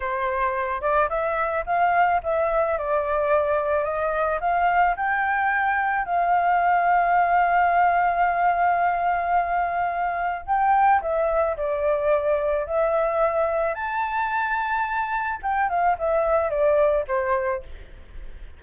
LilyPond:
\new Staff \with { instrumentName = "flute" } { \time 4/4 \tempo 4 = 109 c''4. d''8 e''4 f''4 | e''4 d''2 dis''4 | f''4 g''2 f''4~ | f''1~ |
f''2. g''4 | e''4 d''2 e''4~ | e''4 a''2. | g''8 f''8 e''4 d''4 c''4 | }